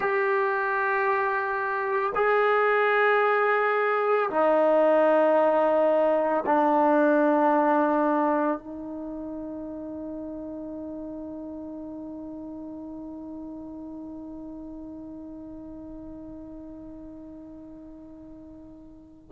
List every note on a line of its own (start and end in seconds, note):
0.00 2.12 G4
2.15 4.29 G#4
4.30 6.44 D#4
6.46 8.58 D4
8.58 19.30 D#4